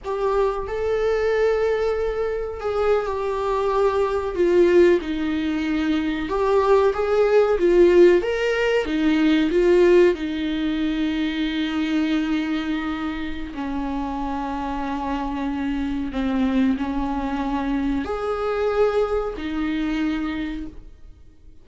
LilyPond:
\new Staff \with { instrumentName = "viola" } { \time 4/4 \tempo 4 = 93 g'4 a'2. | gis'8. g'2 f'4 dis'16~ | dis'4.~ dis'16 g'4 gis'4 f'16~ | f'8. ais'4 dis'4 f'4 dis'16~ |
dis'1~ | dis'4 cis'2.~ | cis'4 c'4 cis'2 | gis'2 dis'2 | }